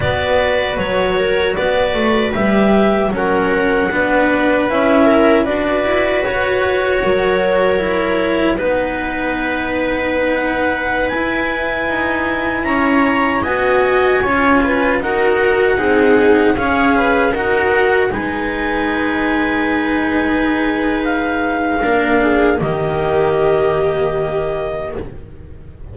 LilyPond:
<<
  \new Staff \with { instrumentName = "clarinet" } { \time 4/4 \tempo 4 = 77 d''4 cis''4 d''4 e''4 | fis''2 e''4 d''4 | cis''2. b'4~ | b'4~ b'16 fis''4 gis''4.~ gis''16~ |
gis''16 ais''4 gis''2 fis''8.~ | fis''4~ fis''16 f''4 fis''4 gis''8.~ | gis''2. f''4~ | f''4 dis''2. | }
  \new Staff \with { instrumentName = "viola" } { \time 4/4 b'4. ais'8 b'2 | ais'4 b'4. ais'8 b'4~ | b'4 ais'2 b'4~ | b'1~ |
b'16 cis''4 dis''4 cis''8 b'8 ais'8.~ | ais'16 gis'4 cis''8 b'8 ais'4 b'8.~ | b'1 | ais'8 gis'8 g'2. | }
  \new Staff \with { instrumentName = "cello" } { \time 4/4 fis'2. g'4 | cis'4 d'4 e'4 fis'4~ | fis'2 e'4 dis'4~ | dis'2~ dis'16 e'4.~ e'16~ |
e'4~ e'16 fis'4 f'4 fis'8.~ | fis'16 dis'4 gis'4 fis'4 dis'8.~ | dis'1 | d'4 ais2. | }
  \new Staff \with { instrumentName = "double bass" } { \time 4/4 b4 fis4 b8 a8 g4 | fis4 b4 cis'4 d'8 e'8 | fis'4 fis2 b4~ | b2~ b16 e'4 dis'8.~ |
dis'16 cis'4 b4 cis'4 dis'8.~ | dis'16 c'4 cis'4 dis'4 gis8.~ | gis1 | ais4 dis2. | }
>>